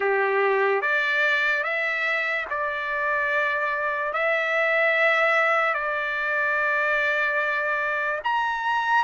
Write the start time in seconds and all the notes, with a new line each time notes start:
0.00 G4
0.81 D5
1.63 E5
2.50 D5
4.13 E5
5.73 D5
8.24 A#5